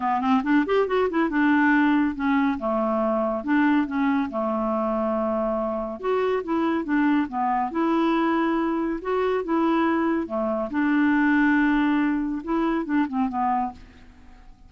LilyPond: \new Staff \with { instrumentName = "clarinet" } { \time 4/4 \tempo 4 = 140 b8 c'8 d'8 g'8 fis'8 e'8 d'4~ | d'4 cis'4 a2 | d'4 cis'4 a2~ | a2 fis'4 e'4 |
d'4 b4 e'2~ | e'4 fis'4 e'2 | a4 d'2.~ | d'4 e'4 d'8 c'8 b4 | }